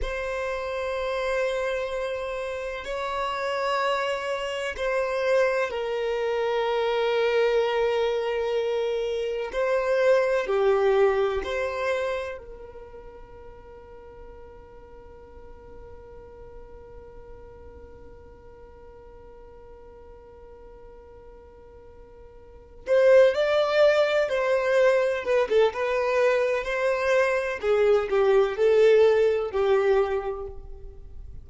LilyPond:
\new Staff \with { instrumentName = "violin" } { \time 4/4 \tempo 4 = 63 c''2. cis''4~ | cis''4 c''4 ais'2~ | ais'2 c''4 g'4 | c''4 ais'2.~ |
ais'1~ | ais'1 | c''8 d''4 c''4 b'16 a'16 b'4 | c''4 gis'8 g'8 a'4 g'4 | }